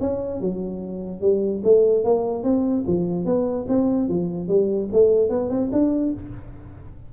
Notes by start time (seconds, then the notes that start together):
0.00 C#4
0.40 F#3
1.21 G3
1.63 A3
2.04 A#3
2.43 C4
2.87 F3
3.25 B3
3.68 C4
4.08 F3
4.48 G3
4.92 A3
5.29 B3
5.50 C4
5.72 D4